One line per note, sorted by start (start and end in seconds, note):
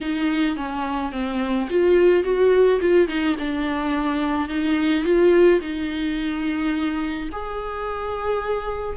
0.01 0.56 D#4
0.56 1.12 C#4
1.12 1.68 C4
1.69 2.23 F4
2.23 2.79 F#4
2.80 3.08 F4
3.08 3.36 D#4
3.38 4.48 D4
4.48 5.04 D#4
5.04 5.60 F4
5.60 7.29 D#4
7.32 8.97 G#4